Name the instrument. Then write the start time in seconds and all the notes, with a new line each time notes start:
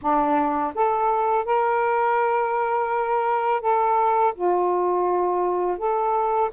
saxophone
0.01 D4
0.74 A4
1.45 A#4
3.61 A4
4.34 F4
5.78 A4